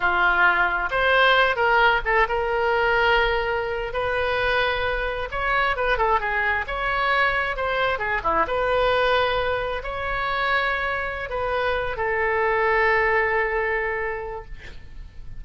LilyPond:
\new Staff \with { instrumentName = "oboe" } { \time 4/4 \tempo 4 = 133 f'2 c''4. ais'8~ | ais'8 a'8 ais'2.~ | ais'8. b'2. cis''16~ | cis''8. b'8 a'8 gis'4 cis''4~ cis''16~ |
cis''8. c''4 gis'8 e'8 b'4~ b'16~ | b'4.~ b'16 cis''2~ cis''16~ | cis''4 b'4. a'4.~ | a'1 | }